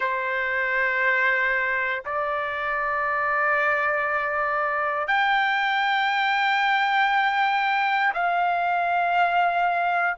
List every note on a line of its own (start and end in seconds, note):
0.00 2.03 C5
2.05 5.07 D5
5.07 8.12 G5
8.14 10.17 F5